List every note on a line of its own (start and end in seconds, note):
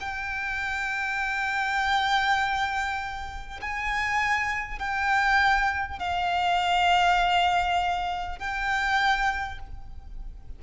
0.00 3.60 G5
3.61 4.79 G#5
4.79 5.99 G5
5.99 8.39 F5
8.39 9.59 G5